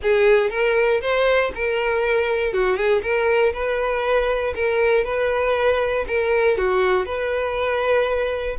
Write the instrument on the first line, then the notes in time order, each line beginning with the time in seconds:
violin
0.02 G#4
0.50 A#4
1.01 C5
1.54 A#4
2.53 F#4
2.76 G#4
3.02 A#4
3.53 B4
4.55 A#4
5.04 B4
6.07 A#4
6.57 F#4
7.05 B4